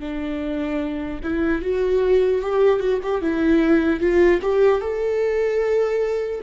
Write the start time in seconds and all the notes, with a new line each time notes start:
0.00 D4
1.24 E4
1.62 F#4
2.42 G4
2.80 F#4
3.03 G4
3.21 E4
4.00 F4
4.42 G4
4.81 A4